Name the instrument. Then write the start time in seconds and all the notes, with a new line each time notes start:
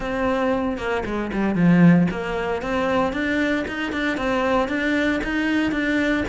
cello
0.00 C4
0.77 A#3
1.05 G#3
1.32 G3
1.55 F3
2.10 A#3
2.61 C4
3.13 D4
3.67 D#4
3.92 D4
4.17 C4
4.68 D4
5.23 D#4
5.71 D4